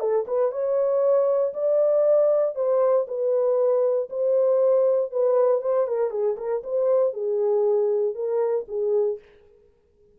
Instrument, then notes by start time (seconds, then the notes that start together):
horn
0.00 A4
0.28 B4
0.52 C#5
1.54 D5
2.55 C5
3.08 B4
4.10 C5
5.11 B4
5.62 C5
5.87 A#4
6.11 G#4
6.37 A#4
6.64 C5
7.13 G#4
8.15 A#4
8.68 G#4